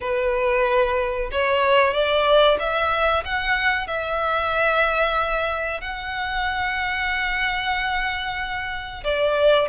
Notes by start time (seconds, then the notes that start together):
0.00 B4
1.31 C#5
1.93 D5
2.59 E5
3.25 F#5
3.87 E5
5.81 F#5
9.04 D5